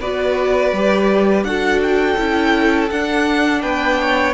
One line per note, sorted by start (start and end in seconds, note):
0.00 0.72 B3
0.00 0.74 F#4
0.00 1.45 B4
0.00 1.44 D5
0.72 1.44 G3
0.72 1.46 G4
1.44 2.16 D4
1.44 2.17 F#4
1.44 3.61 A4
1.44 1.80 F#5
1.82 2.90 G5
2.17 2.90 C#4
2.17 2.90 E4
2.90 3.62 D4
2.90 4.34 D4
2.90 3.62 F#5
3.61 4.34 B3
3.61 3.97 B4
3.61 4.34 G5
4.01 4.34 C#5